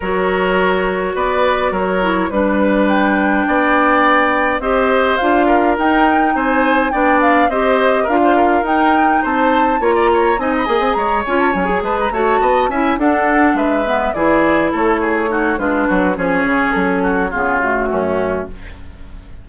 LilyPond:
<<
  \new Staff \with { instrumentName = "flute" } { \time 4/4 \tempo 4 = 104 cis''2 d''4 cis''4 | b'4 g''2. | dis''4 f''4 g''4 gis''4 | g''8 f''8 dis''4 f''4 g''4 |
a''4 ais''4 gis''16 b''16 gis''8 ais''8 gis''16 a''16 | gis''8 a''16 ais''16 a''4 gis''8 fis''4 e''8~ | e''8 d''4 cis''4. b'4 | cis''4 a'4 gis'8 fis'4. | }
  \new Staff \with { instrumentName = "oboe" } { \time 4/4 ais'2 b'4 ais'4 | b'2 d''2 | c''4. ais'4. c''4 | d''4 c''4 ais'16 c''16 ais'4. |
c''4 cis''16 d''16 cis''8 dis''4 cis''4~ | cis''8 b'8 cis''8 dis''8 e''8 a'4 b'8~ | b'8 gis'4 a'8 gis'8 fis'8 f'8 fis'8 | gis'4. fis'8 f'4 cis'4 | }
  \new Staff \with { instrumentName = "clarinet" } { \time 4/4 fis'2.~ fis'8 e'8 | d'1 | g'4 f'4 dis'2 | d'4 g'4 f'4 dis'4~ |
dis'4 f'4 dis'8 gis'4 f'8 | cis'16 gis'8. fis'4 e'8 d'4. | b8 e'2 dis'8 d'4 | cis'2 b8 a4. | }
  \new Staff \with { instrumentName = "bassoon" } { \time 4/4 fis2 b4 fis4 | g2 b2 | c'4 d'4 dis'4 c'4 | b4 c'4 d'4 dis'4 |
c'4 ais4 c'8 ais16 c'16 gis8 cis'8 | fis8 gis8 a8 b8 cis'8 d'4 gis8~ | gis8 e4 a4. gis8 fis8 | f8 cis8 fis4 cis4 fis,4 | }
>>